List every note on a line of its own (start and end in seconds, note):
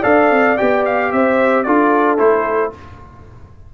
0.00 0.31 D4
0.00 0.57 A4
0.00 1.08 D5
0.00 0.57 F5
0.31 0.58 C4
0.57 1.13 B3
0.57 1.66 G4
0.57 0.84 G5
0.86 1.12 F5
1.12 1.67 C4
1.12 1.66 C5
1.12 1.63 E5
1.63 2.20 D4
1.63 2.18 F4
1.63 2.74 A4
1.63 2.17 D5
2.18 2.74 A3
2.18 2.72 E4
2.18 2.72 C5